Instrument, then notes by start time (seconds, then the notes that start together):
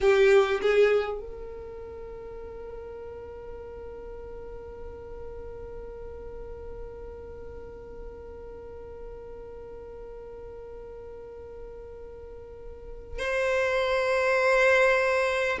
violin
0.01 G4
0.61 G#4
1.19 A#4
13.18 C5